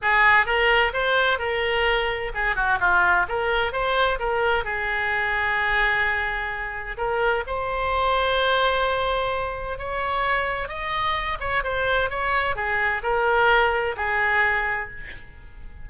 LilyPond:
\new Staff \with { instrumentName = "oboe" } { \time 4/4 \tempo 4 = 129 gis'4 ais'4 c''4 ais'4~ | ais'4 gis'8 fis'8 f'4 ais'4 | c''4 ais'4 gis'2~ | gis'2. ais'4 |
c''1~ | c''4 cis''2 dis''4~ | dis''8 cis''8 c''4 cis''4 gis'4 | ais'2 gis'2 | }